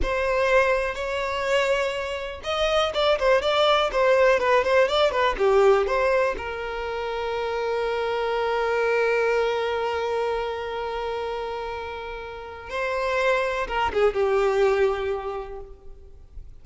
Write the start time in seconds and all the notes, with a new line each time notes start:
0.02 C5
0.94 C#5
2.43 D#5
2.94 D5
3.18 C5
3.41 D5
3.92 C5
4.39 B4
4.63 C5
4.88 D5
5.11 B4
5.37 G4
5.86 C5
6.37 A#4
12.69 C5
13.67 A#4
13.93 G#4
14.13 G4